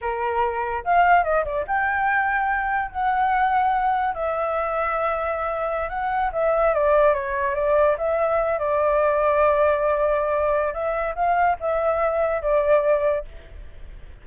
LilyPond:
\new Staff \with { instrumentName = "flute" } { \time 4/4 \tempo 4 = 145 ais'2 f''4 dis''8 d''8 | g''2. fis''4~ | fis''2 e''2~ | e''2~ e''16 fis''4 e''8.~ |
e''16 d''4 cis''4 d''4 e''8.~ | e''8. d''2.~ d''16~ | d''2 e''4 f''4 | e''2 d''2 | }